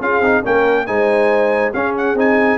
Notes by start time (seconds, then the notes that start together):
0.00 C#4 F4 G#4 F5
0.21 C4 D#4
0.43 A#3 C#4 A#4 G5
0.86 G#3 D#4 C5 G#5
1.73 C#4 G#4 F5
1.97 F#5
2.14 C4 D#4 G#5